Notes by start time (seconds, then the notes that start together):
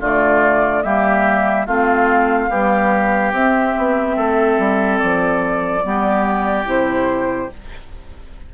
0.00 D3 A3 F4 D5
0.82 G3 A#3 G4 E5
1.66 A3 C4 F4 F5
2.49 G3 B3 G4
3.32 C4 E5
3.77 B3
4.16 A3 A4
4.58 G3
4.98 F3 D5
5.82 G3 B3 G4
6.65 C3 E4 C5